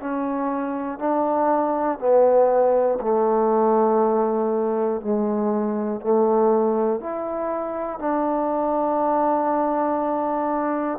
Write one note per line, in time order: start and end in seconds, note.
0.00 0.99 C#4
0.99 1.98 D4
1.98 2.98 B3
3.00 5.00 A3
5.00 6.00 G#3
6.00 7.00 A3
7.00 7.99 E4
7.99 10.99 D4